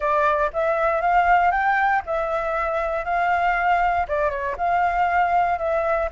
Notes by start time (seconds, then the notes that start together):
0.00 D5
0.53 E5
1.01 F5
1.51 G5
2.06 E5
3.04 F5
4.07 D5
4.30 C#5
4.57 F5
5.58 E5